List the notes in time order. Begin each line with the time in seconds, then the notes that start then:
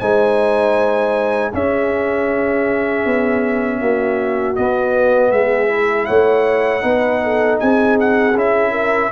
0.00 G#3 D#4 C5 G#5
1.54 C#4 G#4 E5
3.06 B3
3.80 A#3 F#4
4.56 B3 D#5
5.31 G#3 G#4 E5
5.69 E4
6.06 A3 C#5 F#5
6.81 B3 D#4 B4
7.24 A4
7.60 C4 G#4 G#5
8.00 F#5
8.36 C#4 E4 E5
8.72 A#4